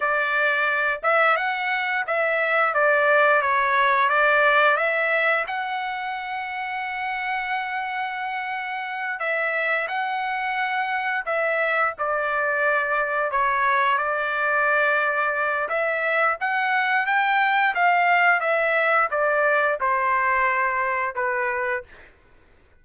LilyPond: \new Staff \with { instrumentName = "trumpet" } { \time 4/4 \tempo 4 = 88 d''4. e''8 fis''4 e''4 | d''4 cis''4 d''4 e''4 | fis''1~ | fis''4. e''4 fis''4.~ |
fis''8 e''4 d''2 cis''8~ | cis''8 d''2~ d''8 e''4 | fis''4 g''4 f''4 e''4 | d''4 c''2 b'4 | }